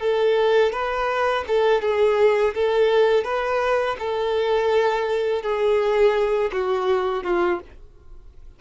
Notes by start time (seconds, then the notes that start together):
0.00 A4
0.72 B4
1.47 A4
1.81 G#4
2.54 A4
3.24 B4
3.99 A4
5.42 G#4
6.52 F#4
7.23 F4